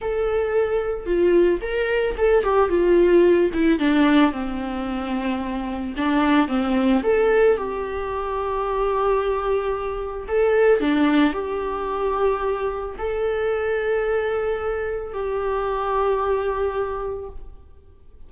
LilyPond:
\new Staff \with { instrumentName = "viola" } { \time 4/4 \tempo 4 = 111 a'2 f'4 ais'4 | a'8 g'8 f'4. e'8 d'4 | c'2. d'4 | c'4 a'4 g'2~ |
g'2. a'4 | d'4 g'2. | a'1 | g'1 | }